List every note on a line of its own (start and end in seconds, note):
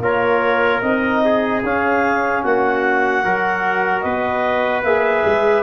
0.00 0.80 A#3
0.00 0.83 F4
0.00 1.22 A#4
0.00 0.81 C#5
0.81 1.63 C4
0.81 1.63 D#4
0.81 1.61 D#5
1.25 2.44 G#4
1.63 2.43 C#4
1.63 3.24 C#4
1.63 2.43 F5
2.43 3.25 A#3
2.43 3.24 F#4
2.43 4.01 F#5
3.24 4.04 F#3
3.24 4.84 F#4
3.24 4.04 A#4
4.01 4.83 B3
4.01 5.63 B4
4.01 4.81 D#5
4.83 5.24 A#3
4.83 5.63 G#4
4.83 5.63 E5
5.25 5.63 G#3